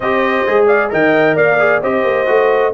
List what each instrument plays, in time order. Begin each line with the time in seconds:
0.00 tuba C4, trombone G4, horn C5, trumpet D#5
0.47 tuba G#3, trombone G#4
0.66 horn D5, trumpet F5
0.89 tuba D#3, trombone A#4, horn D#5, trumpet G5
1.36 tuba A#3, horn D5, trumpet F5
1.59 trombone G#4
1.81 tuba C4, trombone G4, horn C5, trumpet D#5
2.03 tuba A#3
2.26 tuba A3, trombone F#4